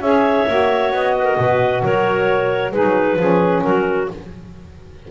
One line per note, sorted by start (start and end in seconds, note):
0.00 0.45 C#4
0.00 0.47 G#4
0.00 1.16 C#5
0.00 0.92 E5
0.48 0.92 A#3
0.48 2.72 F#4
0.92 1.37 B3
0.92 1.83 D#5
1.19 1.25 B4
1.25 1.36 A#4
1.38 1.83 B2
1.38 1.83 B4
1.83 2.72 F#3
1.83 2.73 A#4
1.83 2.72 C#5
2.72 2.83 G#3
2.72 3.18 D#4
2.72 3.17 G#4
2.72 3.62 B4
2.83 3.17 F#3
3.17 3.62 F3
3.17 4.08 C#4
3.17 3.63 G#4
3.62 4.09 F#3
3.62 4.10 F#4
3.62 4.08 A#4